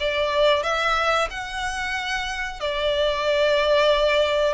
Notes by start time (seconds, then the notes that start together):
0.00 D5
0.63 E5
1.30 F#5
2.61 D5